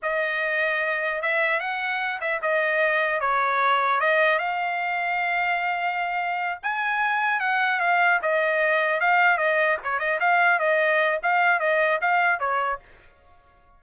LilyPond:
\new Staff \with { instrumentName = "trumpet" } { \time 4/4 \tempo 4 = 150 dis''2. e''4 | fis''4. e''8 dis''2 | cis''2 dis''4 f''4~ | f''1~ |
f''8 gis''2 fis''4 f''8~ | f''8 dis''2 f''4 dis''8~ | dis''8 cis''8 dis''8 f''4 dis''4. | f''4 dis''4 f''4 cis''4 | }